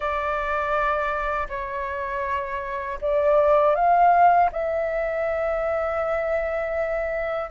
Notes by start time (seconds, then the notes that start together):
0.00 D5
1.49 C#5
3.01 D5
3.75 F5
4.51 E5